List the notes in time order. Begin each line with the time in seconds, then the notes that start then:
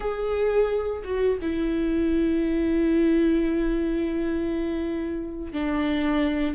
0.00 G#4
1.03 F#4
1.41 E4
5.52 D4